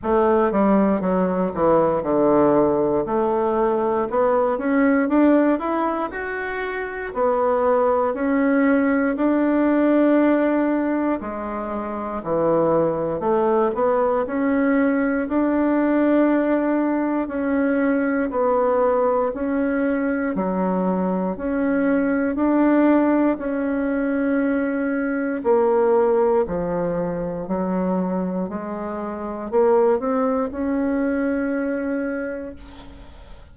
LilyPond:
\new Staff \with { instrumentName = "bassoon" } { \time 4/4 \tempo 4 = 59 a8 g8 fis8 e8 d4 a4 | b8 cis'8 d'8 e'8 fis'4 b4 | cis'4 d'2 gis4 | e4 a8 b8 cis'4 d'4~ |
d'4 cis'4 b4 cis'4 | fis4 cis'4 d'4 cis'4~ | cis'4 ais4 f4 fis4 | gis4 ais8 c'8 cis'2 | }